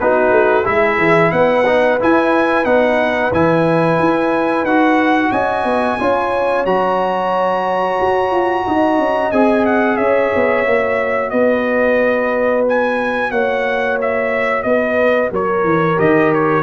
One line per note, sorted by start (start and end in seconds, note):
0.00 0.31 B3
0.00 0.64 D#4
0.00 0.65 F#4
0.00 0.66 B4
0.31 0.64 A3
0.64 0.98 G#3
0.64 1.64 E4
0.64 1.31 G#4
0.64 1.32 E5
0.98 1.31 E3
1.32 1.98 B3
1.32 5.32 B4
1.32 1.98 F#5
1.66 1.99 D#4
2.00 2.65 E4
2.00 2.64 E4
2.00 2.64 G#5
2.64 3.31 B3
2.64 3.31 D#4
2.64 3.31 F#5
3.32 3.98 E3
3.32 4.67 E4
3.32 4.65 G#5
3.99 4.63 E4
4.63 5.30 D#4
4.63 5.99 F#4
4.63 5.31 F#5
5.31 5.64 C#4
5.31 5.98 D#5
5.31 6.65 G#5
5.64 5.97 B3
5.99 6.65 C#4
5.99 6.66 F4
5.99 8.65 C#5
6.65 7.98 F#3
6.65 9.33 F#4
6.65 9.31 A#5
8.00 8.31 F#4
8.31 8.65 F4
8.66 8.98 D#4
8.66 9.99 D#5
8.98 9.32 C#4
9.31 9.97 C4
9.31 10.66 G#4
9.31 9.65 G#5
9.65 9.97 F#5
9.97 10.31 C#4
9.97 11.32 C#5
9.97 11.30 E5
10.35 10.66 B3
10.66 11.32 A#3
10.66 15.96 F#4
11.30 13.31 B3
11.30 13.31 B4
11.30 12.63 D#5
12.68 13.31 G#5
13.31 14.64 A#3
13.31 14.65 C#5
13.31 13.98 F#5
14.01 14.63 E5
14.63 15.31 B3
14.63 15.32 B4
14.63 15.29 D#5
15.31 15.63 F#3
15.31 16.62 A#4
15.31 15.99 C#5
15.63 15.97 E3
15.96 16.62 D#3
15.96 16.62 G4
15.96 16.32 D#5
16.33 16.62 C#5